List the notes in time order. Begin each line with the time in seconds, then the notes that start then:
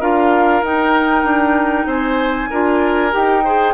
0.00 D4 F4 A#4 F5
0.62 D#4 G5
1.24 D4
1.85 C4 C5 G#5
2.50 D4 F4 A#4
3.11 D#4 G4 G5
3.44 G#4 C5